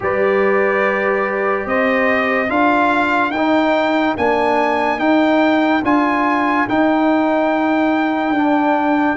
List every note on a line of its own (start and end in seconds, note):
0.00 1.65 G3
0.00 2.48 G4
0.00 1.68 B4
0.00 1.67 D5
1.65 2.49 C4
1.65 2.50 C5
1.65 2.50 D#5
2.48 3.30 D4
2.48 3.32 F4
2.48 9.17 A#4
2.48 3.31 F5
3.30 4.13 D#4
3.30 4.14 G5
3.37 4.17 D#4
4.17 4.98 A#3
4.17 4.98 D4
4.17 4.99 G#5
4.98 5.81 D#4
4.98 5.82 D#4
4.98 5.82 G5
5.82 6.66 D4
5.82 6.67 F4
5.82 6.68 G#5
6.67 8.34 D#4
6.67 8.30 D#4
6.67 9.17 G5
8.30 9.13 D4
8.30 9.17 D4